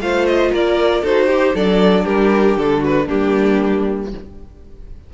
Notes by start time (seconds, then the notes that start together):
0.00 A3 F4 C5 F5
0.26 D#5
0.52 A#3 A#4 D5
1.02 D#4 F#4 A4 C5
1.26 G4
1.54 F#3 D4 A4 D5
2.05 G3 G4 A#4
2.57 D3 A4
2.80 F#4 B4
3.06 G3 A#3 D4 G4